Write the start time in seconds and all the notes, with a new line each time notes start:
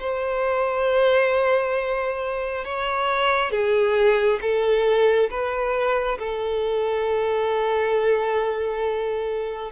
0.00 C5
2.65 C#5
3.51 G#4
4.42 A4
5.30 B4
6.18 A4